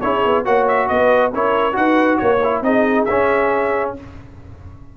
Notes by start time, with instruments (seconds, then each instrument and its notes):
0.00 tuba C#4, trombone E4, horn G#4, trumpet C#5
0.24 tuba B3
0.44 tuba A#3, trombone F#4, horn C#5, trumpet F#5
0.67 trumpet E5
0.88 tuba B3, horn B4, trumpet D#5
1.32 tuba C#4, trombone E4, horn A#4, trumpet C#5
1.72 tuba D#4, trombone F#4, horn B4, trumpet F#5
2.17 tuba A#3, trumpet C#5, horn C#5
2.43 trombone E4
2.61 tuba C4, trombone D#4, horn G#4, trumpet D#5
3.04 trombone C#4, tuba C#4, trumpet E5